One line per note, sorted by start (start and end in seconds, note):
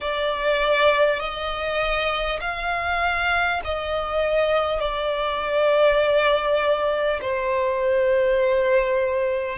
0.01 1.19 D5
1.19 2.39 D#5
2.40 3.60 F5
3.64 4.79 D#5
4.79 7.19 D5
7.21 9.58 C5